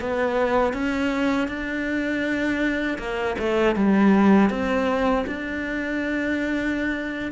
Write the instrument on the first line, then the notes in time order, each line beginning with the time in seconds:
cello
0.00 B3
0.73 C#4
1.48 D4
2.98 A#3
3.39 A3
3.76 G3
4.50 C4
5.27 D4